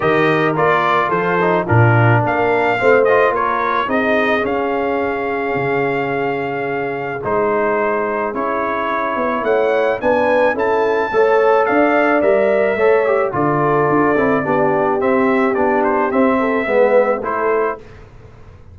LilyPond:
<<
  \new Staff \with { instrumentName = "trumpet" } { \time 4/4 \tempo 4 = 108 dis''4 d''4 c''4 ais'4 | f''4. dis''8 cis''4 dis''4 | f''1~ | f''4 c''2 cis''4~ |
cis''4 fis''4 gis''4 a''4~ | a''4 f''4 e''2 | d''2. e''4 | d''8 c''8 e''2 c''4 | }
  \new Staff \with { instrumentName = "horn" } { \time 4/4 ais'2 a'4 f'4 | ais'4 c''4 ais'4 gis'4~ | gis'1~ | gis'1~ |
gis'4 cis''4 b'4 a'4 | cis''4 d''2 cis''4 | a'2 g'2~ | g'4. a'8 b'4 a'4 | }
  \new Staff \with { instrumentName = "trombone" } { \time 4/4 g'4 f'4. dis'8 d'4~ | d'4 c'8 f'4. dis'4 | cis'1~ | cis'4 dis'2 e'4~ |
e'2 d'4 e'4 | a'2 ais'4 a'8 g'8 | f'4. e'8 d'4 c'4 | d'4 c'4 b4 e'4 | }
  \new Staff \with { instrumentName = "tuba" } { \time 4/4 dis4 ais4 f4 ais,4 | ais4 a4 ais4 c'4 | cis'2 cis2~ | cis4 gis2 cis'4~ |
cis'8 b8 a4 b4 cis'4 | a4 d'4 g4 a4 | d4 d'8 c'8 b4 c'4 | b4 c'4 gis4 a4 | }
>>